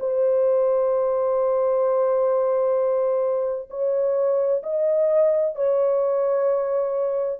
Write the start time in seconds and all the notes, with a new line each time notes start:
0.00 C5
3.70 C#5
4.63 D#5
5.56 C#5